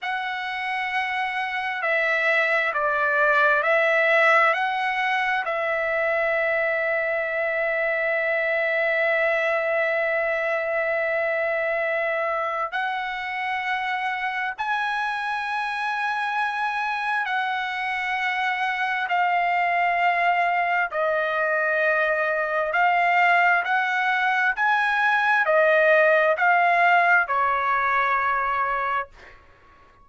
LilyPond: \new Staff \with { instrumentName = "trumpet" } { \time 4/4 \tempo 4 = 66 fis''2 e''4 d''4 | e''4 fis''4 e''2~ | e''1~ | e''2 fis''2 |
gis''2. fis''4~ | fis''4 f''2 dis''4~ | dis''4 f''4 fis''4 gis''4 | dis''4 f''4 cis''2 | }